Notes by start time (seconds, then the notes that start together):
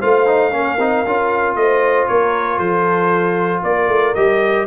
0.00 A3 F4 C5 F5
0.27 D#4
0.52 A#3 C#4 A#4
0.79 C4 D#4
1.07 C#4 F4
1.56 A3 C5 D#5
2.08 A#3 A#4 C#5
2.58 F3 A4 C5
3.64 A#3 A#4 D5
3.88 A3
4.15 G3 G4 D#5